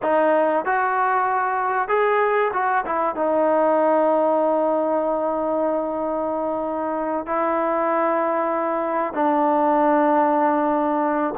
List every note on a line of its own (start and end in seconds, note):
0.02 0.65 D#4
0.65 1.88 F#4
1.88 2.51 G#4
2.53 2.84 F#4
2.85 3.16 E4
3.16 7.26 D#4
7.26 9.13 E4
9.13 11.34 D4